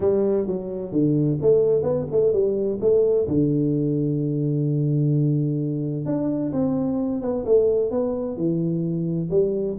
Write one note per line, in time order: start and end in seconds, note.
0.00 0.47 G3
0.47 0.92 F#3
0.92 1.38 D3
1.41 1.82 A3
1.82 2.06 B3
2.11 2.32 A3
2.32 2.79 G3
2.80 3.27 A3
3.27 6.05 D3
6.05 6.52 D4
6.52 7.21 C4
7.21 7.44 B3
7.45 7.90 A3
7.90 8.36 B3
8.36 9.29 E3
9.30 9.77 G3